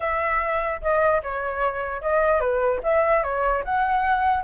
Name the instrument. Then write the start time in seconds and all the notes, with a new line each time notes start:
flute
0.00 E5
0.81 D#5
1.22 C#5
2.01 D#5
2.40 B4
2.83 E5
3.23 C#5
3.64 F#5